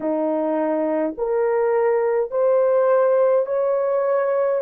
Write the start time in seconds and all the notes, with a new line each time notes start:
0.00 D#4
1.17 A#4
2.31 C5
3.46 C#5